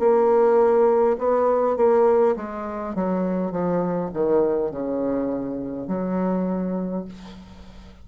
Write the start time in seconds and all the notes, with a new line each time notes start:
0.00 A#3
1.19 B3
1.77 A#3
2.36 G#3
2.95 F#3
3.52 F3
4.14 D#3
4.71 C#3
5.88 F#3